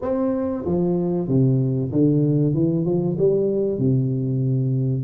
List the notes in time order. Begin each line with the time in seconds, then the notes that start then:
0.01 C4
0.65 F3
1.28 C3
1.91 D3
2.53 E3
2.85 F3
3.18 G3
3.78 C3